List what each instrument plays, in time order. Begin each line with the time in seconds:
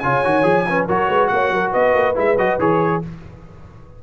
0.00 tuba C#3, trombone F4, horn C#5, trumpet G#5
0.25 tuba D#3, trombone F#4
0.43 tuba F3, trombone G#4
0.68 trombone C#4, horn B4
0.87 tuba F#3, trombone F#4, horn A#4, trumpet C#5
1.08 tuba G#3, horn B4
1.28 tuba A#3, horn C#5, trumpet F#5
1.51 tuba F#3, horn A#4
1.72 tuba B3, horn B4, trumpet D#5
1.94 tuba A#3
2.15 tuba G#3, trombone E4, trumpet E5
2.37 tuba F#3, trombone F#4, trumpet D#5
2.59 tuba E3, trombone G#4, trumpet C#5